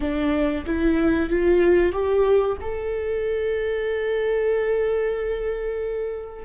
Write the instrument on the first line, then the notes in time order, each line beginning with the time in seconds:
viola
0.00 D4
0.66 E4
1.29 F4
1.92 G4
2.61 A4